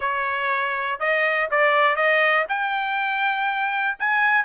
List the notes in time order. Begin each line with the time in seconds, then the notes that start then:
0.00 C#5
0.99 D#5
1.50 D5
1.96 D#5
2.49 G5
3.99 G#5